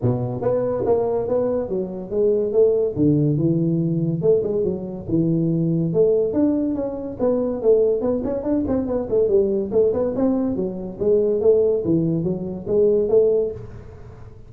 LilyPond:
\new Staff \with { instrumentName = "tuba" } { \time 4/4 \tempo 4 = 142 b,4 b4 ais4 b4 | fis4 gis4 a4 d4 | e2 a8 gis8 fis4 | e2 a4 d'4 |
cis'4 b4 a4 b8 cis'8 | d'8 c'8 b8 a8 g4 a8 b8 | c'4 fis4 gis4 a4 | e4 fis4 gis4 a4 | }